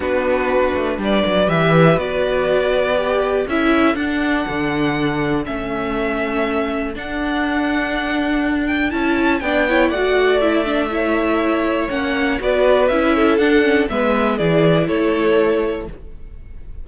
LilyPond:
<<
  \new Staff \with { instrumentName = "violin" } { \time 4/4 \tempo 4 = 121 b'2 d''4 e''4 | d''2. e''4 | fis''2. e''4~ | e''2 fis''2~ |
fis''4. g''8 a''4 g''4 | fis''4 e''2. | fis''4 d''4 e''4 fis''4 | e''4 d''4 cis''2 | }
  \new Staff \with { instrumentName = "violin" } { \time 4/4 fis'2 b'2~ | b'2. a'4~ | a'1~ | a'1~ |
a'2. d''8 cis''8 | d''2 cis''2~ | cis''4 b'4. a'4. | b'4 gis'4 a'2 | }
  \new Staff \with { instrumentName = "viola" } { \time 4/4 d'2. g'4 | fis'2 g'4 e'4 | d'2. cis'4~ | cis'2 d'2~ |
d'2 e'4 d'8 e'8 | fis'4 e'8 d'8 e'2 | cis'4 fis'4 e'4 d'8 cis'8 | b4 e'2. | }
  \new Staff \with { instrumentName = "cello" } { \time 4/4 b4. a8 g8 fis8 e4 | b2. cis'4 | d'4 d2 a4~ | a2 d'2~ |
d'2 cis'4 b4 | a1 | ais4 b4 cis'4 d'4 | gis4 e4 a2 | }
>>